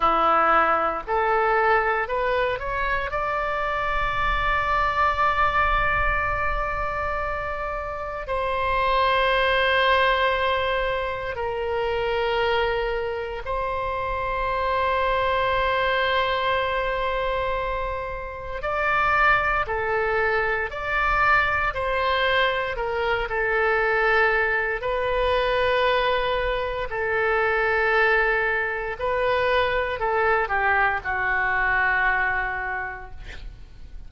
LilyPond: \new Staff \with { instrumentName = "oboe" } { \time 4/4 \tempo 4 = 58 e'4 a'4 b'8 cis''8 d''4~ | d''1 | c''2. ais'4~ | ais'4 c''2.~ |
c''2 d''4 a'4 | d''4 c''4 ais'8 a'4. | b'2 a'2 | b'4 a'8 g'8 fis'2 | }